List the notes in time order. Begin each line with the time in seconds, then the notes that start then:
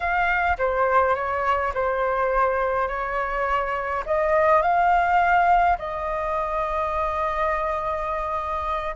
0.00 F5
0.57 C5
1.15 C#5
1.74 C5
2.88 C#5
4.05 D#5
4.62 F5
5.78 D#5